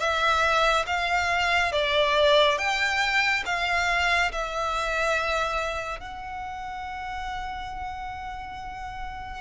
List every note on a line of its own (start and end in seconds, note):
0.00 0.86 E5
0.86 1.72 F5
1.73 2.58 D5
2.58 3.44 G5
3.46 4.32 F5
4.32 6.00 E5
6.00 9.41 F#5